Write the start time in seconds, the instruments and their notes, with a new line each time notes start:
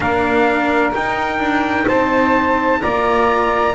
0.00 double bass A#3, cello D4, saxophone A#4, trumpet F5
0.93 cello D#4, double bass D#4, trumpet G5
1.38 double bass D4
1.86 double bass C4, saxophone C5, trumpet A5
2.81 double bass A#3, cello F4, saxophone D5, trumpet A#5